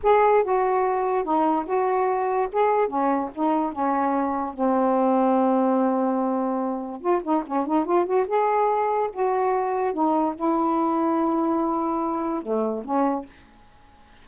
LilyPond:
\new Staff \with { instrumentName = "saxophone" } { \time 4/4 \tempo 4 = 145 gis'4 fis'2 dis'4 | fis'2 gis'4 cis'4 | dis'4 cis'2 c'4~ | c'1~ |
c'4 f'8 dis'8 cis'8 dis'8 f'8 fis'8 | gis'2 fis'2 | dis'4 e'2.~ | e'2 a4 cis'4 | }